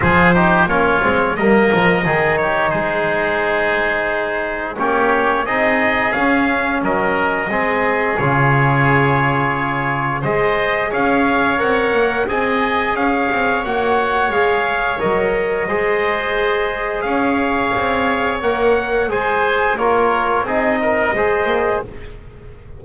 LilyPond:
<<
  \new Staff \with { instrumentName = "trumpet" } { \time 4/4 \tempo 4 = 88 c''4 cis''4 dis''4. cis''8 | c''2. cis''4 | dis''4 f''4 dis''2 | cis''2. dis''4 |
f''4 fis''4 gis''4 f''4 | fis''4 f''4 dis''2~ | dis''4 f''2 fis''4 | gis''4 cis''4 dis''2 | }
  \new Staff \with { instrumentName = "oboe" } { \time 4/4 gis'8 g'8 f'4 ais'4 gis'8 g'8 | gis'2. g'4 | gis'2 ais'4 gis'4~ | gis'2. c''4 |
cis''2 dis''4 cis''4~ | cis''2. c''4~ | c''4 cis''2. | c''4 ais'4 gis'8 ais'8 c''4 | }
  \new Staff \with { instrumentName = "trombone" } { \time 4/4 f'8 dis'8 cis'8 c'8 ais4 dis'4~ | dis'2. cis'4 | dis'4 cis'2 c'4 | f'2. gis'4~ |
gis'4 ais'4 gis'2 | fis'4 gis'4 ais'4 gis'4~ | gis'2. ais'4 | gis'4 f'4 dis'4 gis'4 | }
  \new Staff \with { instrumentName = "double bass" } { \time 4/4 f4 ais8 gis8 g8 f8 dis4 | gis2. ais4 | c'4 cis'4 fis4 gis4 | cis2. gis4 |
cis'4 c'8 ais8 c'4 cis'8 c'8 | ais4 gis4 fis4 gis4~ | gis4 cis'4 c'4 ais4 | gis4 ais4 c'4 gis8 ais8 | }
>>